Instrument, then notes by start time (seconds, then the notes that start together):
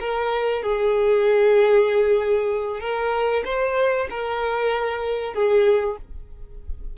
violin
0.00 A#4
0.63 G#4
2.80 A#4
3.45 C5
4.10 A#4
5.34 G#4